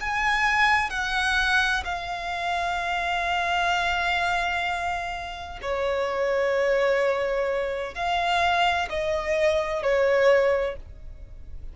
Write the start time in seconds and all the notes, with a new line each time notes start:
0.00 G#5
0.90 F#5
1.85 F5
5.62 C#5
7.95 F5
8.89 D#5
9.83 C#5